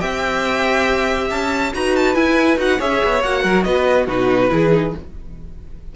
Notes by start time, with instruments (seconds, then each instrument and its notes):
0.00 cello C4, viola G4, violin E5 G5
1.31 cello C#4, violin A5
1.74 cello D#4, viola F#4, violin B4 A#5
1.97 violin A5
2.15 viola E4, cello E4, violin G#5
2.57 cello D#4, viola F#4, violin F#5
2.79 cello C#4, viola G#4, violin C#5 E5
3.04 cello B3
3.23 cello A#3, viola F#4, violin F#5
3.43 cello F#3, violin A#4
3.64 cello B3, violin B4 D#5
4.07 cello B2, viola D#4, violin F#4 B4
4.50 cello E3, viola E4, violin G#4
4.72 viola D#4